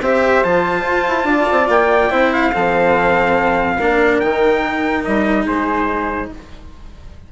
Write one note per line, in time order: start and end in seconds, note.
0.00 0.42 C4
0.00 0.44 G4
0.00 1.28 C5
0.00 0.44 E5
0.44 0.85 F3
0.44 2.10 F4
0.44 1.69 A5
0.86 1.07 F4
1.07 1.24 E4
1.24 1.45 D4
1.24 2.11 D5
1.51 1.68 C4
1.68 2.10 A#3
1.68 2.33 G5
2.10 2.54 C4
2.10 2.52 E4
2.10 2.53 C5
2.33 4.19 F5
2.52 3.80 F3
2.52 3.78 C4
2.52 3.77 A4
3.77 4.22 A#3
3.77 4.22 D4
3.77 5.45 A#4
4.19 5.06 D#3
4.19 6.32 D#4
4.19 5.03 G5
5.04 5.46 G3
5.04 5.46 D#5
5.45 6.30 G#3
5.45 6.29 G#4
5.45 6.31 C5